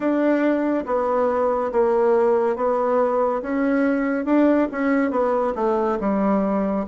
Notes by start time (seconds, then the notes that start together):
0.00 D4
0.86 B3
1.72 A#3
2.56 B3
3.42 C#4
4.25 D4
4.71 C#4
5.10 B3
5.55 A3
6.00 G3